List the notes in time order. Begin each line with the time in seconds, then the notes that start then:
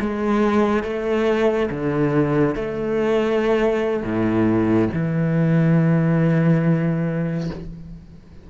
0.00 G#3
0.83 A3
1.70 D3
2.55 A3
4.03 A2
4.93 E3